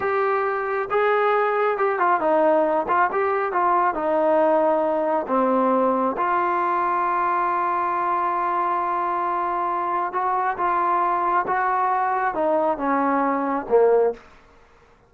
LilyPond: \new Staff \with { instrumentName = "trombone" } { \time 4/4 \tempo 4 = 136 g'2 gis'2 | g'8 f'8 dis'4. f'8 g'4 | f'4 dis'2. | c'2 f'2~ |
f'1~ | f'2. fis'4 | f'2 fis'2 | dis'4 cis'2 ais4 | }